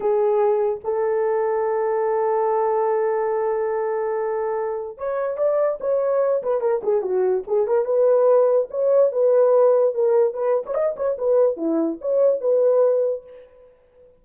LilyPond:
\new Staff \with { instrumentName = "horn" } { \time 4/4 \tempo 4 = 145 gis'2 a'2~ | a'1~ | a'1 | cis''4 d''4 cis''4. b'8 |
ais'8 gis'8 fis'4 gis'8 ais'8 b'4~ | b'4 cis''4 b'2 | ais'4 b'8. cis''16 dis''8 cis''8 b'4 | e'4 cis''4 b'2 | }